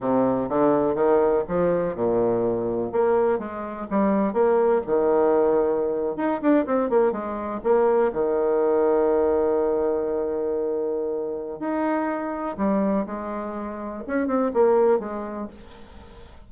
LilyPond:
\new Staff \with { instrumentName = "bassoon" } { \time 4/4 \tempo 4 = 124 c4 d4 dis4 f4 | ais,2 ais4 gis4 | g4 ais4 dis2~ | dis8. dis'8 d'8 c'8 ais8 gis4 ais16~ |
ais8. dis2.~ dis16~ | dis1 | dis'2 g4 gis4~ | gis4 cis'8 c'8 ais4 gis4 | }